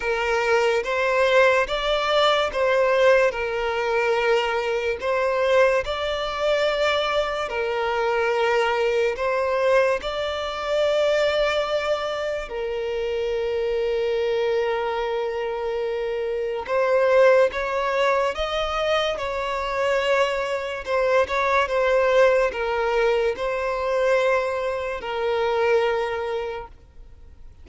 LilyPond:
\new Staff \with { instrumentName = "violin" } { \time 4/4 \tempo 4 = 72 ais'4 c''4 d''4 c''4 | ais'2 c''4 d''4~ | d''4 ais'2 c''4 | d''2. ais'4~ |
ais'1 | c''4 cis''4 dis''4 cis''4~ | cis''4 c''8 cis''8 c''4 ais'4 | c''2 ais'2 | }